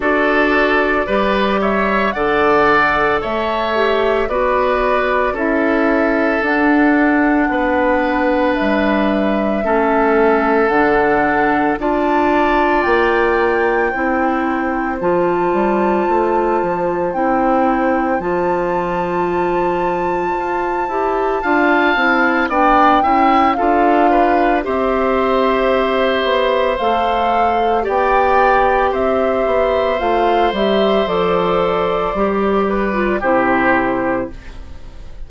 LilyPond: <<
  \new Staff \with { instrumentName = "flute" } { \time 4/4 \tempo 4 = 56 d''4. e''8 fis''4 e''4 | d''4 e''4 fis''2 | e''2 fis''4 a''4 | g''2 a''2 |
g''4 a''2.~ | a''4 g''4 f''4 e''4~ | e''4 f''4 g''4 e''4 | f''8 e''8 d''2 c''4 | }
  \new Staff \with { instrumentName = "oboe" } { \time 4/4 a'4 b'8 cis''8 d''4 cis''4 | b'4 a'2 b'4~ | b'4 a'2 d''4~ | d''4 c''2.~ |
c''1 | f''4 d''8 e''8 a'8 b'8 c''4~ | c''2 d''4 c''4~ | c''2~ c''8 b'8 g'4 | }
  \new Staff \with { instrumentName = "clarinet" } { \time 4/4 fis'4 g'4 a'4. g'8 | fis'4 e'4 d'2~ | d'4 cis'4 d'4 f'4~ | f'4 e'4 f'2 |
e'4 f'2~ f'8 g'8 | f'8 e'8 d'8 e'8 f'4 g'4~ | g'4 a'4 g'2 | f'8 g'8 a'4 g'8. f'16 e'4 | }
  \new Staff \with { instrumentName = "bassoon" } { \time 4/4 d'4 g4 d4 a4 | b4 cis'4 d'4 b4 | g4 a4 d4 d'4 | ais4 c'4 f8 g8 a8 f8 |
c'4 f2 f'8 e'8 | d'8 c'8 b8 cis'8 d'4 c'4~ | c'8 b8 a4 b4 c'8 b8 | a8 g8 f4 g4 c4 | }
>>